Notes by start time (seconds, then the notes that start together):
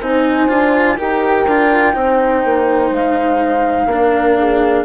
0.00 C4 D#4 C5 G#5
0.48 D4 F4
0.97 D#4 G4 A#4 G5
1.46 D4 F4
1.93 C4 D#4 C5
2.44 A#3
2.90 G#3 F5
3.85 A#3 D4 A#4
4.39 G#4